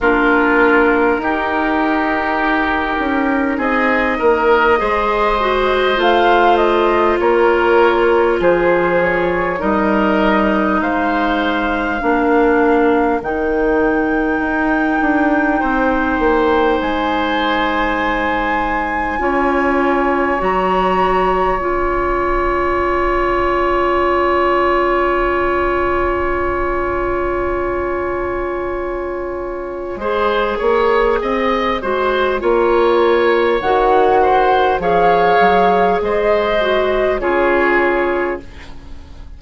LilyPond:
<<
  \new Staff \with { instrumentName = "flute" } { \time 4/4 \tempo 4 = 50 ais'2. dis''4~ | dis''4 f''8 dis''8 cis''4 c''8 cis''8 | dis''4 f''2 g''4~ | g''2 gis''2~ |
gis''4 ais''4 gis''2~ | gis''1~ | gis''1 | fis''4 f''4 dis''4 cis''4 | }
  \new Staff \with { instrumentName = "oboe" } { \time 4/4 f'4 g'2 gis'8 ais'8 | c''2 ais'4 gis'4 | ais'4 c''4 ais'2~ | ais'4 c''2. |
cis''1~ | cis''1~ | cis''4 c''8 cis''8 dis''8 c''8 cis''4~ | cis''8 c''8 cis''4 c''4 gis'4 | }
  \new Staff \with { instrumentName = "clarinet" } { \time 4/4 d'4 dis'2. | gis'8 fis'8 f'2. | dis'2 d'4 dis'4~ | dis'1 |
f'4 fis'4 f'2~ | f'1~ | f'4 gis'4. fis'8 f'4 | fis'4 gis'4. fis'8 f'4 | }
  \new Staff \with { instrumentName = "bassoon" } { \time 4/4 ais4 dis'4. cis'8 c'8 ais8 | gis4 a4 ais4 f4 | g4 gis4 ais4 dis4 | dis'8 d'8 c'8 ais8 gis2 |
cis'4 fis4 cis'2~ | cis'1~ | cis'4 gis8 ais8 c'8 gis8 ais4 | dis4 f8 fis8 gis4 cis4 | }
>>